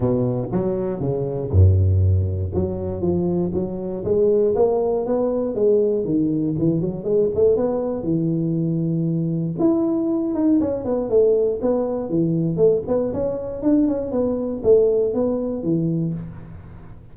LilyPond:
\new Staff \with { instrumentName = "tuba" } { \time 4/4 \tempo 4 = 119 b,4 fis4 cis4 fis,4~ | fis,4 fis4 f4 fis4 | gis4 ais4 b4 gis4 | dis4 e8 fis8 gis8 a8 b4 |
e2. e'4~ | e'8 dis'8 cis'8 b8 a4 b4 | e4 a8 b8 cis'4 d'8 cis'8 | b4 a4 b4 e4 | }